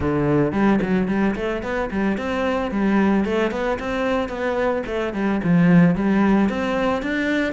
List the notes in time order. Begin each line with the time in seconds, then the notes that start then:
0.00 D3
0.52 G3
0.81 F#3
1.08 G3
1.35 A3
1.62 B3
1.90 G3
2.17 C4
2.71 G3
3.25 A3
3.51 B3
3.79 C4
4.29 B3
4.86 A3
5.13 G3
5.43 F3
5.95 G3
6.49 C4
7.02 D4